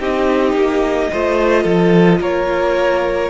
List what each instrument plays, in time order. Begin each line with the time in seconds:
0.00 cello C4, viola D#4, violin G4 D#5
0.54 cello A#3
1.13 cello A3, viola F4, violin C5
1.63 cello F3, violin A4
2.21 cello A#3, violin A#4 C#5